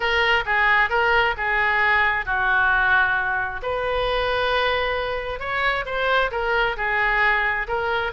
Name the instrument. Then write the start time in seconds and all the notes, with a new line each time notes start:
oboe
0.00 A#4
0.45 G#4
0.89 A#4
1.37 G#4
2.25 F#4
3.62 B4
5.39 C#5
5.85 C5
6.31 A#4
6.76 G#4
7.67 A#4